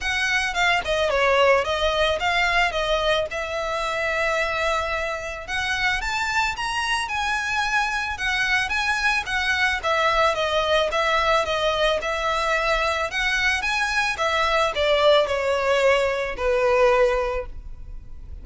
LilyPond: \new Staff \with { instrumentName = "violin" } { \time 4/4 \tempo 4 = 110 fis''4 f''8 dis''8 cis''4 dis''4 | f''4 dis''4 e''2~ | e''2 fis''4 a''4 | ais''4 gis''2 fis''4 |
gis''4 fis''4 e''4 dis''4 | e''4 dis''4 e''2 | fis''4 gis''4 e''4 d''4 | cis''2 b'2 | }